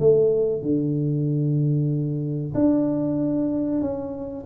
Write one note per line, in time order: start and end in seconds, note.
0.00 0.62 A3
0.62 2.54 D3
2.55 3.82 D4
3.82 4.45 C#4